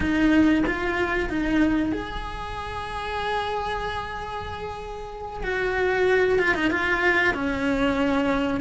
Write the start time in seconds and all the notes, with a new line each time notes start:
0.00 D#4
0.66 F4
1.29 D#4
1.92 G#4
5.43 F#4
6.38 F4
6.54 D#4
6.70 F4
7.34 C#4